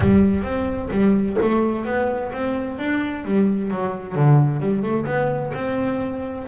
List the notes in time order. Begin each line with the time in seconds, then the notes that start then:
0.00 G3
0.43 C4
0.90 G3
1.41 A3
1.85 B3
2.32 C4
2.78 D4
3.25 G3
3.70 F#3
4.15 D3
4.59 G3
4.82 A3
5.05 B3
5.54 C4